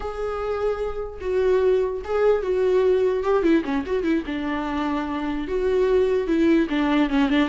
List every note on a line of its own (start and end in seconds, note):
0.00 1.19 G#4
1.21 2.02 F#4
2.04 2.42 G#4
2.42 3.23 F#4
3.23 3.42 G4
3.42 3.63 E4
3.64 3.84 C#4
3.86 4.03 F#4
4.03 4.23 E4
4.25 5.47 D4
5.47 6.27 F#4
6.27 6.67 E4
6.69 7.09 D4
7.09 7.29 C#4
7.29 7.48 D4